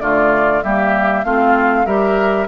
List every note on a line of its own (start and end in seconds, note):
0.00 0.63 D3
0.00 0.62 A3
0.00 0.64 F4
0.00 0.62 D5
0.62 1.25 G3
0.62 1.25 A#3
0.62 1.25 G4
0.62 1.24 E5
1.24 1.86 A3
1.24 1.86 C4
1.24 1.86 F4
1.24 1.85 F5
1.85 2.48 G3
1.85 2.48 G4
1.85 2.48 A#4
1.85 2.47 E5